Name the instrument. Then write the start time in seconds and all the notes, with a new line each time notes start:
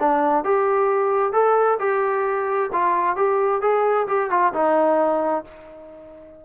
trombone
0.00 D4
0.45 G4
1.33 A4
1.80 G4
2.73 F4
3.16 G4
3.62 G#4
4.08 G4
4.31 F4
4.54 D#4